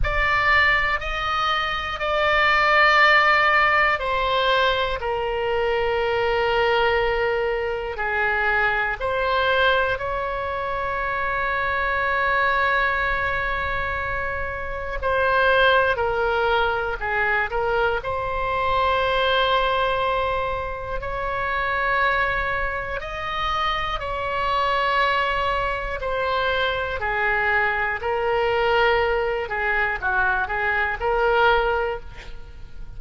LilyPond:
\new Staff \with { instrumentName = "oboe" } { \time 4/4 \tempo 4 = 60 d''4 dis''4 d''2 | c''4 ais'2. | gis'4 c''4 cis''2~ | cis''2. c''4 |
ais'4 gis'8 ais'8 c''2~ | c''4 cis''2 dis''4 | cis''2 c''4 gis'4 | ais'4. gis'8 fis'8 gis'8 ais'4 | }